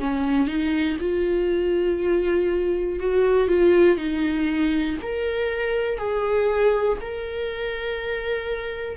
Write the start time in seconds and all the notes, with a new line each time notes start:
0.00 C#4
0.47 D#4
1.00 F4
3.00 F#4
3.49 F4
3.98 D#4
5.02 A#4
5.98 G#4
7.01 A#4